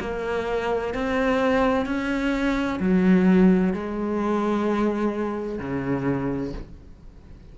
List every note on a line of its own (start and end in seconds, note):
0.00 0.94 A#3
0.94 1.85 C4
1.85 2.79 C#4
2.79 3.73 F#3
3.73 5.59 G#3
5.59 6.52 C#3